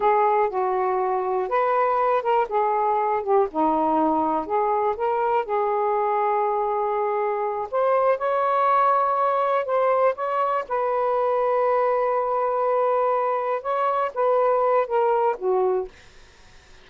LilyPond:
\new Staff \with { instrumentName = "saxophone" } { \time 4/4 \tempo 4 = 121 gis'4 fis'2 b'4~ | b'8 ais'8 gis'4. g'8 dis'4~ | dis'4 gis'4 ais'4 gis'4~ | gis'2.~ gis'8 c''8~ |
c''8 cis''2. c''8~ | c''8 cis''4 b'2~ b'8~ | b'2.~ b'8 cis''8~ | cis''8 b'4. ais'4 fis'4 | }